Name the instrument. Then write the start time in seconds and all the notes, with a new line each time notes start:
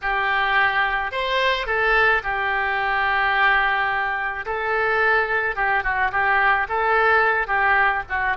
oboe
0.02 G4
1.11 C5
1.66 A4
2.23 G4
4.45 A4
5.55 G4
5.83 F#4
6.11 G4
6.68 A4
7.47 G4
8.09 F#4